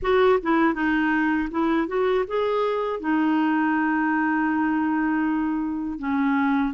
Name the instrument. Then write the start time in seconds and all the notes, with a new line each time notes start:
clarinet
0.01 F#4
0.42 E4
0.74 D#4
1.50 E4
1.87 F#4
2.27 G#4
3.00 D#4
5.98 C#4